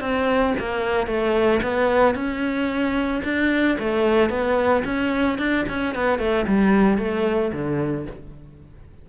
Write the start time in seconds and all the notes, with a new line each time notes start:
0.00 C4
0.59 A#3
1.06 A3
1.62 B3
2.14 C#4
3.24 D4
3.79 A3
4.29 B3
4.84 C#4
5.38 D4
5.68 C#4
5.95 B3
6.19 A3
6.47 G3
6.98 A3
7.52 D3